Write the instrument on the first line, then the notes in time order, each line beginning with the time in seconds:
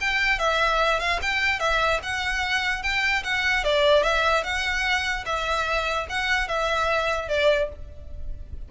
violin
0.00 G5
0.38 E5
0.99 F5
1.22 G5
1.59 E5
2.02 F#5
2.82 G5
3.23 F#5
3.64 D5
4.03 E5
4.43 F#5
5.25 E5
6.09 F#5
6.48 E5
7.28 D5